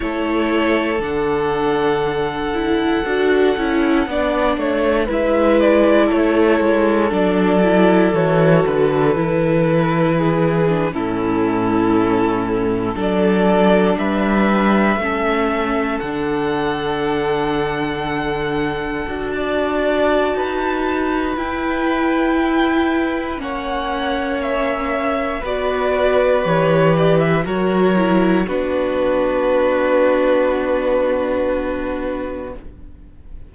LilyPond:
<<
  \new Staff \with { instrumentName = "violin" } { \time 4/4 \tempo 4 = 59 cis''4 fis''2.~ | fis''4 e''8 d''8 cis''4 d''4 | cis''8 b'2~ b'16 a'4~ a'16~ | a'8. d''4 e''2 fis''16~ |
fis''2. a''4~ | a''4 g''2 fis''4 | e''4 d''4 cis''8 d''16 e''16 cis''4 | b'1 | }
  \new Staff \with { instrumentName = "violin" } { \time 4/4 a'1 | d''8 cis''8 b'4 a'2~ | a'2 gis'8. e'4~ e'16~ | e'8. a'4 b'4 a'4~ a'16~ |
a'2. d''4 | b'2. cis''4~ | cis''4 b'2 ais'4 | fis'1 | }
  \new Staff \with { instrumentName = "viola" } { \time 4/4 e'4 d'4. e'8 fis'8 e'8 | d'4 e'2 d'8 e'8 | fis'4 e'4. d'16 cis'4~ cis'16~ | cis'8. d'2 cis'4 d'16~ |
d'2~ d'8. fis'4~ fis'16~ | fis'4 e'2 cis'4~ | cis'4 fis'4 g'4 fis'8 e'8 | d'1 | }
  \new Staff \with { instrumentName = "cello" } { \time 4/4 a4 d2 d'8 cis'8 | b8 a8 gis4 a8 gis8 fis4 | e8 d8 e4.~ e16 a,4~ a,16~ | a,8. fis4 g4 a4 d16~ |
d2~ d8. d'4~ d'16 | dis'4 e'2 ais4~ | ais4 b4 e4 fis4 | b1 | }
>>